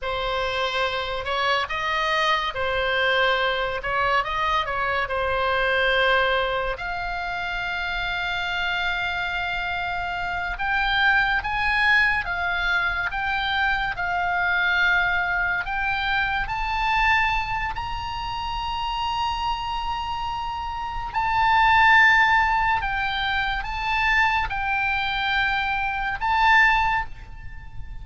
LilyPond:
\new Staff \with { instrumentName = "oboe" } { \time 4/4 \tempo 4 = 71 c''4. cis''8 dis''4 c''4~ | c''8 cis''8 dis''8 cis''8 c''2 | f''1~ | f''8 g''4 gis''4 f''4 g''8~ |
g''8 f''2 g''4 a''8~ | a''4 ais''2.~ | ais''4 a''2 g''4 | a''4 g''2 a''4 | }